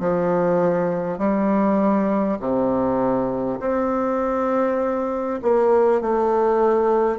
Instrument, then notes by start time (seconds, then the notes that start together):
bassoon
0.00 F3
1.18 G3
2.39 C3
3.60 C4
5.42 A#3
6.01 A3